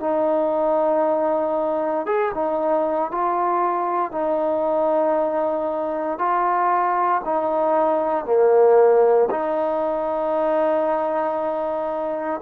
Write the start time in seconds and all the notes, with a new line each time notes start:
0.00 D#4
2.06 G#4
2.34 D#4
3.11 F4
4.11 D#4
6.18 F4
7.25 D#4
8.25 A#3
9.30 D#4